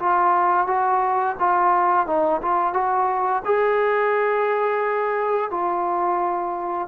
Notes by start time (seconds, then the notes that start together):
0.00 F4
0.67 F#4
1.40 F4
2.07 D#4
2.42 F4
2.74 F#4
3.46 G#4
5.51 F4